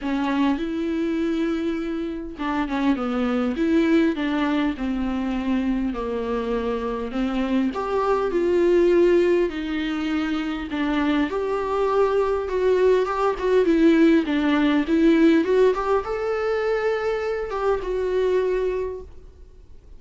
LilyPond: \new Staff \with { instrumentName = "viola" } { \time 4/4 \tempo 4 = 101 cis'4 e'2. | d'8 cis'8 b4 e'4 d'4 | c'2 ais2 | c'4 g'4 f'2 |
dis'2 d'4 g'4~ | g'4 fis'4 g'8 fis'8 e'4 | d'4 e'4 fis'8 g'8 a'4~ | a'4. g'8 fis'2 | }